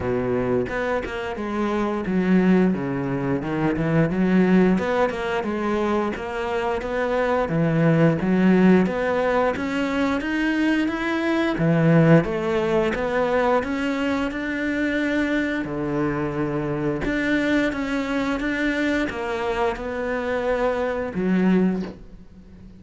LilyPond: \new Staff \with { instrumentName = "cello" } { \time 4/4 \tempo 4 = 88 b,4 b8 ais8 gis4 fis4 | cis4 dis8 e8 fis4 b8 ais8 | gis4 ais4 b4 e4 | fis4 b4 cis'4 dis'4 |
e'4 e4 a4 b4 | cis'4 d'2 d4~ | d4 d'4 cis'4 d'4 | ais4 b2 fis4 | }